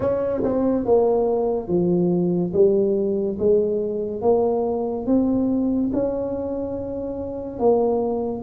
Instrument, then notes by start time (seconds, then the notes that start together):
tuba
0.00 C#4
0.43 C4
0.85 A#3
1.67 F3
2.53 G3
3.38 G#3
4.21 A#3
5.06 C4
5.93 C#4
7.59 A#3